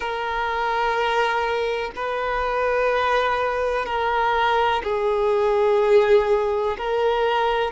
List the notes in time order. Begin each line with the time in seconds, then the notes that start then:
0.00 A#4
1.95 B4
3.85 A#4
4.83 G#4
6.77 A#4